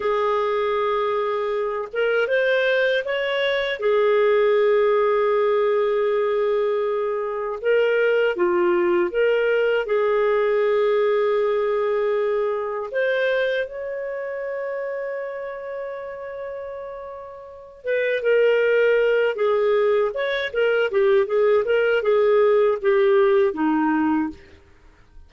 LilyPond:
\new Staff \with { instrumentName = "clarinet" } { \time 4/4 \tempo 4 = 79 gis'2~ gis'8 ais'8 c''4 | cis''4 gis'2.~ | gis'2 ais'4 f'4 | ais'4 gis'2.~ |
gis'4 c''4 cis''2~ | cis''2.~ cis''8 b'8 | ais'4. gis'4 cis''8 ais'8 g'8 | gis'8 ais'8 gis'4 g'4 dis'4 | }